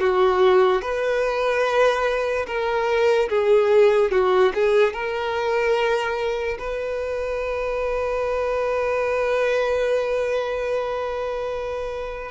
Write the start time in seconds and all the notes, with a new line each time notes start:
0.00 F#4
0.82 B4
2.47 A#4
3.30 G#4
4.11 F#4
4.54 G#4
4.93 A#4
6.59 B4